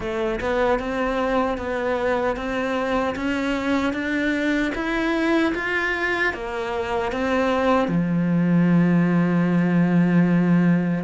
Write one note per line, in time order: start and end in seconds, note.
0.00 0.39 A3
0.40 0.79 B3
0.79 1.57 C4
1.57 2.36 B3
2.36 3.15 C4
3.15 3.93 C#4
3.93 4.72 D4
4.74 5.53 E4
5.54 6.33 F4
6.33 7.12 A#3
7.12 7.88 C4
7.88 11.03 F3